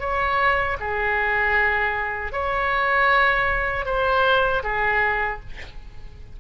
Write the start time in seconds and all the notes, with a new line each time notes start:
0.00 C#5
0.80 G#4
2.32 C#5
3.85 C5
4.63 G#4